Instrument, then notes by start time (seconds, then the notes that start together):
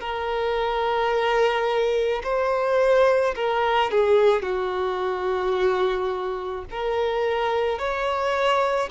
violin
0.00 A#4
2.24 C5
3.35 A#4
3.91 G#4
4.42 F#4
6.71 A#4
7.79 C#5